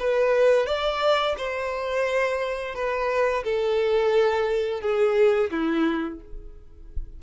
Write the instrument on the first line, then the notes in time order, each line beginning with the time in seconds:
violin
0.00 B4
0.67 D5
1.38 C5
2.75 B4
3.44 A4
4.82 G#4
5.51 E4